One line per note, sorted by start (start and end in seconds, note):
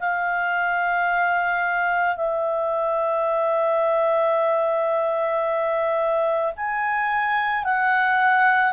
0.00 2.16 F5
2.16 6.53 E5
6.57 7.64 G#5
7.64 8.73 F#5